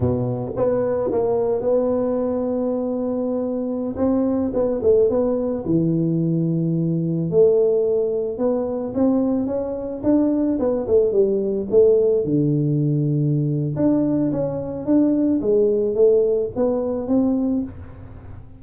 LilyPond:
\new Staff \with { instrumentName = "tuba" } { \time 4/4 \tempo 4 = 109 b,4 b4 ais4 b4~ | b2.~ b16 c'8.~ | c'16 b8 a8 b4 e4.~ e16~ | e4~ e16 a2 b8.~ |
b16 c'4 cis'4 d'4 b8 a16~ | a16 g4 a4 d4.~ d16~ | d4 d'4 cis'4 d'4 | gis4 a4 b4 c'4 | }